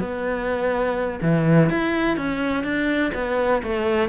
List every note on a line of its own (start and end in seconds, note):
0.00 1.20 B3
1.22 1.70 E3
1.70 2.17 E4
2.17 2.64 C#4
2.64 3.12 D4
3.14 3.62 B3
3.63 4.09 A3